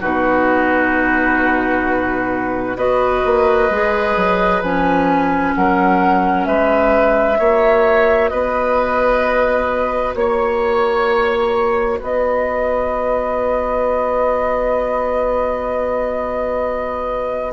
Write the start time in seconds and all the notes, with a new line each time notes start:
0.00 B2 D#4 F#4 B4
2.76 B3 F#4 B4 D#5
3.25 A#3
3.70 G#3 G#4
4.16 F#3
4.61 F3 C#4 G#5
5.54 F#3 A#4 F#5
6.45 G#3 B4 E5
7.37 A#3 F#4 C#5
8.28 B3 B4 D#5
10.14 A#3 C#5
11.99 B3 B4 D#5